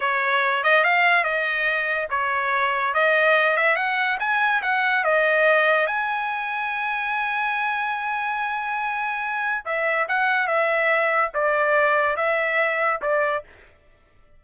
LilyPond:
\new Staff \with { instrumentName = "trumpet" } { \time 4/4 \tempo 4 = 143 cis''4. dis''8 f''4 dis''4~ | dis''4 cis''2 dis''4~ | dis''8 e''8 fis''4 gis''4 fis''4 | dis''2 gis''2~ |
gis''1~ | gis''2. e''4 | fis''4 e''2 d''4~ | d''4 e''2 d''4 | }